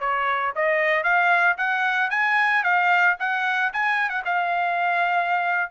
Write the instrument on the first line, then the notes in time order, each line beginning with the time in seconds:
trumpet
0.00 C#5
0.56 D#5
1.04 F5
1.58 F#5
2.10 G#5
2.64 F5
3.20 F#5
3.73 G#5
4.09 F#5
4.25 F5